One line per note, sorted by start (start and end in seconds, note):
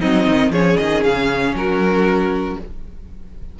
0.00 0.27 F#3
0.00 0.52 C4
0.00 0.51 D#4
0.00 0.51 D#5
0.27 0.50 D#3
0.50 0.76 F3
0.50 2.60 C#4
0.50 1.54 G#4
0.50 0.77 C#5
0.77 1.05 D#3
0.77 1.03 D#5
1.04 1.53 C#3
1.04 1.55 F5
1.53 2.56 F#3
1.53 2.59 F#4
1.53 2.59 A#4